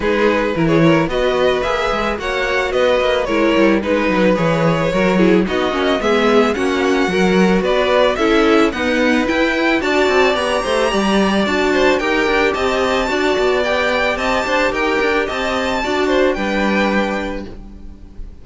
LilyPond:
<<
  \new Staff \with { instrumentName = "violin" } { \time 4/4 \tempo 4 = 110 b'4~ b'16 cis''8. dis''4 e''4 | fis''4 dis''4 cis''4 b'4 | cis''2 dis''4 e''4 | fis''2 d''4 e''4 |
fis''4 g''4 a''4 ais''4~ | ais''4 a''4 g''4 a''4~ | a''4 g''4 a''4 g''4 | a''2 g''2 | }
  \new Staff \with { instrumentName = "violin" } { \time 4/4 gis'4 ais'16 gis'16 ais'8 b'2 | cis''4 b'4 ais'4 b'4~ | b'4 ais'8 gis'8 fis'4 gis'4 | fis'4 ais'4 b'4 a'4 |
b'2 d''4. c''8 | d''4. c''8 ais'4 dis''4 | d''2 dis''8 c''8 ais'4 | dis''4 d''8 c''8 b'2 | }
  \new Staff \with { instrumentName = "viola" } { \time 4/4 dis'4 e'4 fis'4 gis'4 | fis'2 e'4 dis'4 | gis'4 fis'8 e'8 dis'8 cis'8 b4 | cis'4 fis'2 e'4 |
b4 e'4 fis'4 g'4~ | g'4 fis'4 g'2 | fis'4 g'2.~ | g'4 fis'4 d'2 | }
  \new Staff \with { instrumentName = "cello" } { \time 4/4 gis4 e4 b4 ais8 gis8 | ais4 b8 ais8 gis8 g8 gis8 fis8 | e4 fis4 b8 ais8 gis4 | ais4 fis4 b4 cis'4 |
dis'4 e'4 d'8 c'8 b8 a8 | g4 d'4 dis'8 d'8 c'4 | d'8 b4. c'8 d'8 dis'8 d'8 | c'4 d'4 g2 | }
>>